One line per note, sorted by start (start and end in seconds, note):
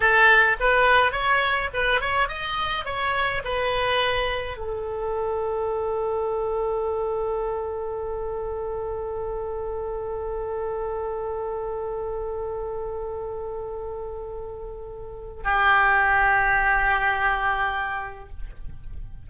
0.00 0.56 A4
0.59 1.11 B4
1.11 1.69 C#5
1.73 2.00 B4
2.00 2.28 C#5
2.28 2.85 D#5
2.85 3.42 C#5
3.44 4.57 B4
4.57 15.43 A4
15.44 18.29 G4